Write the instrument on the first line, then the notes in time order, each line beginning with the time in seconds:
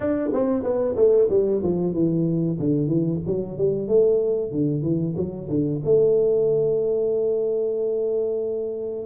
tuba
0.00 D4
0.33 C4
0.63 B3
0.96 A3
1.29 G3
1.62 F3
1.93 E3
2.59 D3
2.87 E3
3.26 F#3
3.58 G3
3.88 A3
4.51 D3
4.82 E3
5.16 F#3
5.49 D3
5.84 A3